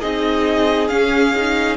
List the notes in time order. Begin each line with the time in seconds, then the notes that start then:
0.00 C4 D#4 G#4 D#5
0.88 C#4 F5
1.35 D#4